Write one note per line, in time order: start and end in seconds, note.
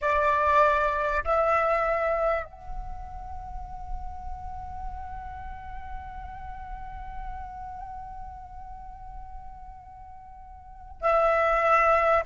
0.01 1.23 D5
1.24 2.44 E5
2.44 11.01 F#5
11.01 12.23 E5